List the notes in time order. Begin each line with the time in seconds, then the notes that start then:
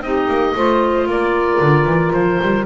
0.00 C4 D#4 G4 D#5
0.27 A#3
0.55 A3 F4 C5
1.06 A#3 A#4 D5
1.60 D3
1.85 E3
2.12 F3 C5
2.41 G3